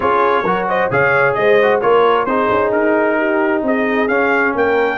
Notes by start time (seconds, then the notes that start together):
0.00 C#4 F4 G#4 C#5
0.44 F#3 F#4 A#4
0.68 C5 D#5
0.90 C#3 G#4 C#5 F5
1.34 G#3 C5 D#5
1.62 F#4
1.81 A#3 F4 A#4 C#5
2.25 C4 D#4 G#4 C5
2.50 C#4
2.71 D#4 A#4
3.17 G4
3.62 C4 G#4 D#5
4.08 C#4 F5
4.55 A#3 A#4 G5